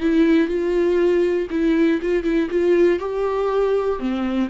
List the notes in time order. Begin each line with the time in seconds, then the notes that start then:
0.00 E4
0.48 F4
1.50 E4
2.02 F4
2.23 E4
2.50 F4
2.99 G4
3.99 C4